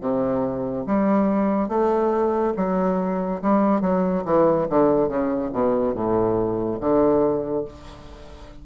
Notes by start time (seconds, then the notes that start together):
0.00 C3
0.86 G3
1.68 A3
2.56 F#3
3.41 G3
3.81 F#3
4.25 E3
4.69 D3
5.08 C#3
5.52 B2
5.94 A2
6.80 D3